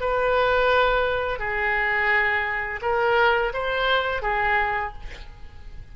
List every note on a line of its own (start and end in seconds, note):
0.00 1.39 B4
1.39 2.80 G#4
2.81 3.52 A#4
3.53 4.22 C5
4.22 4.93 G#4